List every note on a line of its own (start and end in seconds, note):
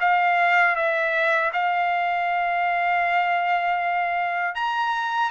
0.00 0.76 F5
0.76 1.52 E5
1.53 4.55 F5
4.55 5.31 A#5